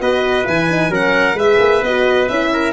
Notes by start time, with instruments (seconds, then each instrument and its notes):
0.00 tuba B3, horn F#4, trumpet B4, violin D#5
0.44 tuba E3, horn E4, violin G#5
0.70 horn D#4
0.89 tuba F#3, horn C#4, trumpet A#4, violin F#5
1.34 tuba G#3, horn G#4, trumpet B4, violin E5
1.59 tuba A#3
1.83 tuba B3, horn F#4, violin D#5
2.28 tuba C#4, horn E4, violin E5
2.53 trumpet A#4